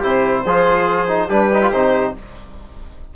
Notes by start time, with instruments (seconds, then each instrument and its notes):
0.00 bassoon C3, trombone E4, trumpet G4, violin C5
0.45 bassoon F3, trombone F4, trumpet G#4
1.08 trombone D#4
1.29 bassoon G3, trombone D4, trumpet G4, violin B4
1.54 trombone D#4
1.62 trombone F4
1.72 bassoon C3, trombone D#4, violin C5